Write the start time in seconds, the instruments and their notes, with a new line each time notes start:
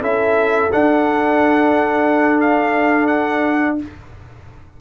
0.00 tuba C#4, trombone E4, horn A4, trumpet E5
0.72 trombone D4, tuba D4, trumpet F#5
2.40 trumpet F5
3.06 trumpet F#5